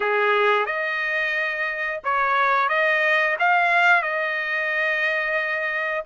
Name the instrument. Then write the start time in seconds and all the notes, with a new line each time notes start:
trumpet
0.00 G#4
0.66 D#5
2.04 C#5
2.68 D#5
3.39 F5
4.02 D#5